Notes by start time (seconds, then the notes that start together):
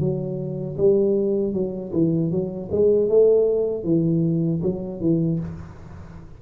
0.00 F#3
0.78 G3
1.53 F#3
1.93 E3
2.31 F#3
2.72 G#3
3.09 A3
3.84 E3
4.62 F#3
5.01 E3